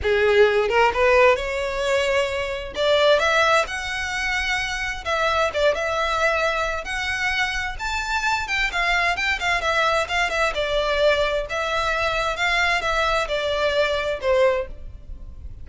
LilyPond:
\new Staff \with { instrumentName = "violin" } { \time 4/4 \tempo 4 = 131 gis'4. ais'8 b'4 cis''4~ | cis''2 d''4 e''4 | fis''2. e''4 | d''8 e''2~ e''8 fis''4~ |
fis''4 a''4. g''8 f''4 | g''8 f''8 e''4 f''8 e''8 d''4~ | d''4 e''2 f''4 | e''4 d''2 c''4 | }